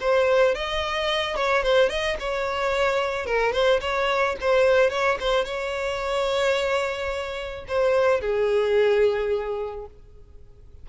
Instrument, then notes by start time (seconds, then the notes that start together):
violin
0.00 C5
0.55 D#5
1.36 C#5
1.62 C5
1.89 D#5
2.19 C#5
3.26 A#4
3.52 C5
3.81 C#5
4.41 C5
4.90 C#5
5.20 C5
5.45 C#5
7.68 C5
8.20 G#4